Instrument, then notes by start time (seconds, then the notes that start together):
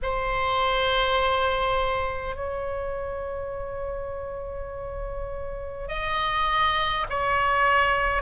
oboe
0.02 C5
2.35 C#5
5.88 D#5
7.09 C#5